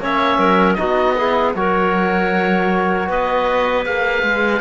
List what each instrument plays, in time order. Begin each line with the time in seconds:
0.00 cello A#3, trombone C#4, clarinet C#5, oboe E5
0.39 cello F#3, clarinet A#4
0.74 cello B3, trombone D#4, clarinet F#4, oboe D#5
1.17 trombone E4, clarinet G#4
1.55 cello F#3, trombone F#4, clarinet A#4, oboe C#5
3.09 cello B3, clarinet B4, oboe D#5
3.86 cello A#3, trombone G#4, oboe F5
4.23 cello G#3